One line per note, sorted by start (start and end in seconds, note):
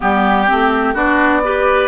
0.00 0.50 G3
0.00 0.46 B3
0.00 0.93 G4
0.00 0.96 G4
0.47 0.94 A3
0.47 0.94 C4
0.93 1.88 B3
0.93 1.42 D4
0.93 1.41 F#4
0.93 1.88 D5
1.43 1.88 G4
1.43 1.88 B4